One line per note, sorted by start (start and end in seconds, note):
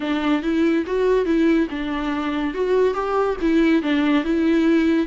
0.00 0.42 D4
0.42 0.84 E4
0.86 1.25 F#4
1.25 1.67 E4
1.70 2.54 D4
2.54 2.94 F#4
2.94 3.36 G4
3.41 3.82 E4
3.82 4.24 D4
4.24 5.06 E4